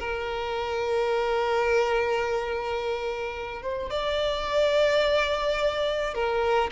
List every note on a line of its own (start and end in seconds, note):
0.00 3.63 A#4
3.63 3.91 C5
3.91 6.15 D5
6.15 6.71 A#4